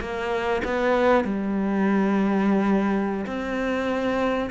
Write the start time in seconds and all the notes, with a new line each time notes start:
0.00 A#3
0.64 B3
1.24 G3
3.26 C4